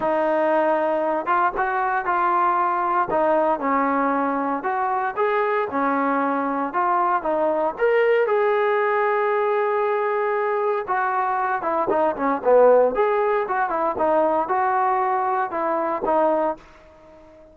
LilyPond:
\new Staff \with { instrumentName = "trombone" } { \time 4/4 \tempo 4 = 116 dis'2~ dis'8 f'8 fis'4 | f'2 dis'4 cis'4~ | cis'4 fis'4 gis'4 cis'4~ | cis'4 f'4 dis'4 ais'4 |
gis'1~ | gis'4 fis'4. e'8 dis'8 cis'8 | b4 gis'4 fis'8 e'8 dis'4 | fis'2 e'4 dis'4 | }